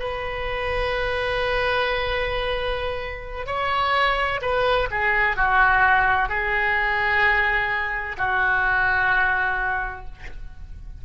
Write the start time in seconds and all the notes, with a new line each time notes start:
0.00 B4
3.47 C#5
4.42 B4
4.91 G#4
5.37 F#4
6.29 G#4
8.18 F#4